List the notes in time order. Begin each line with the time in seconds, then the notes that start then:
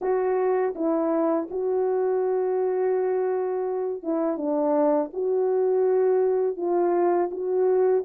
0.01 F#4
0.75 E4
1.50 F#4
4.02 E4
4.37 D4
5.13 F#4
6.57 F4
7.31 F#4